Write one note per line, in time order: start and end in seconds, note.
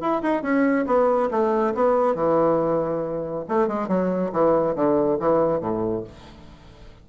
0.00 0.22 E4
0.22 0.42 D#4
0.42 0.85 C#4
0.86 1.29 B3
1.30 1.73 A3
1.74 2.14 B3
2.14 3.44 E3
3.48 3.67 A3
3.67 3.88 G#3
3.88 4.31 F#3
4.32 4.75 E3
4.75 5.18 D3
5.19 5.60 E3
5.60 6.03 A2